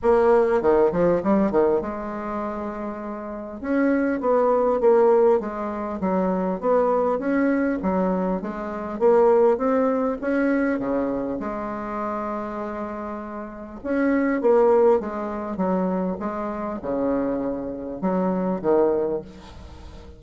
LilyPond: \new Staff \with { instrumentName = "bassoon" } { \time 4/4 \tempo 4 = 100 ais4 dis8 f8 g8 dis8 gis4~ | gis2 cis'4 b4 | ais4 gis4 fis4 b4 | cis'4 fis4 gis4 ais4 |
c'4 cis'4 cis4 gis4~ | gis2. cis'4 | ais4 gis4 fis4 gis4 | cis2 fis4 dis4 | }